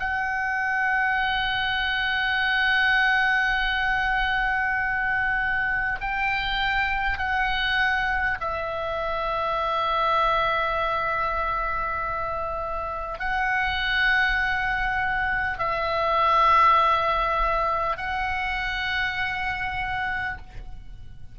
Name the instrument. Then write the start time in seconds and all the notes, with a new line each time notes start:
oboe
0.00 F#5
6.01 G5
7.18 F#5
8.41 E5
13.19 F#5
15.59 E5
17.98 F#5